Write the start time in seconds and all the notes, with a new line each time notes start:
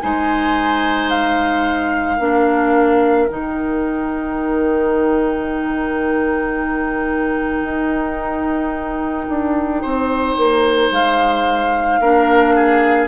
0.00 G#3 D#4 C5 G#5
1.09 F5
2.17 A#3 D4 A#4
3.27 D#3 D#4 G5
7.63 D#4
9.28 D4
9.82 C4 C5
10.37 A#3
10.90 G#3 F5
11.99 A#3 D4 A#4
12.55 G#4